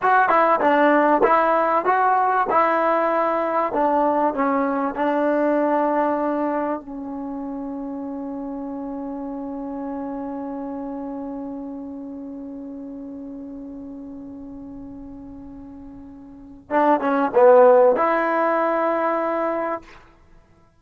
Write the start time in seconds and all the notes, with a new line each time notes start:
0.02 F#4
0.29 E4
0.60 D4
1.23 E4
1.85 F#4
2.50 E4
3.73 D4
4.34 C#4
4.95 D4
6.80 C#4
16.70 D4
17.00 C#4
17.34 B3
17.95 E4